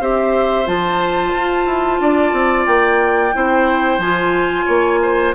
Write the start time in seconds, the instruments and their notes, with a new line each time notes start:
0.00 bassoon C4, clarinet G4, oboe C5, flute E5
0.66 bassoon F3, clarinet F4, flute A5
1.34 bassoon F4
1.66 bassoon E4
2.00 bassoon D4, oboe D5
2.32 bassoon C4
2.66 bassoon A#3, flute G5
3.33 bassoon C4, clarinet E4, oboe C5
3.98 bassoon F3, clarinet F4, flute G#5
4.65 bassoon A#3, oboe C#5
5.02 oboe C5